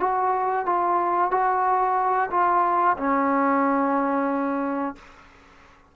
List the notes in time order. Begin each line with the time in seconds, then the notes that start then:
0.00 F#4
0.66 F4
1.31 F#4
2.31 F4
2.98 C#4